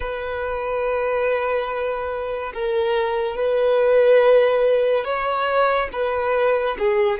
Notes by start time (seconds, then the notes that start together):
0.00 B4
2.54 A#4
3.36 B4
5.04 C#5
5.92 B4
6.78 G#4